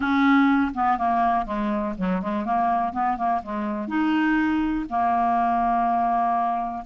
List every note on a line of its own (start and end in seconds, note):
0.00 0.72 C#4
0.74 0.98 B3
0.98 1.45 A#3
1.45 1.94 G#3
1.97 2.22 F#3
2.22 2.45 G#3
2.45 2.92 A#3
2.92 3.17 B3
3.17 3.41 A#3
3.43 3.88 G#3
3.88 4.85 D#4
4.89 6.84 A#3